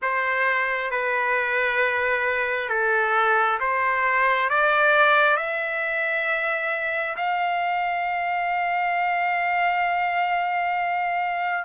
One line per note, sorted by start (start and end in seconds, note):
0.02 0.90 C5
0.90 2.69 B4
2.69 3.58 A4
3.59 4.49 C5
4.49 5.36 D5
5.36 7.16 E5
7.16 11.64 F5